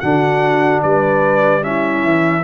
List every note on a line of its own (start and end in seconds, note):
0.00 0.83 D3
0.00 1.61 D4
0.00 0.82 F#4
0.00 0.81 F#5
0.82 2.04 G3
0.82 1.64 B4
0.82 1.63 D5
1.61 2.43 C#4
1.61 2.44 E4
1.61 2.44 E5
2.04 2.44 E3